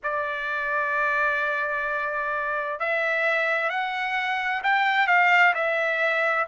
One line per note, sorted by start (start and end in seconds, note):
0.03 2.79 D5
2.79 3.69 E5
3.69 4.62 F#5
4.63 5.07 G5
5.07 5.53 F5
5.54 6.46 E5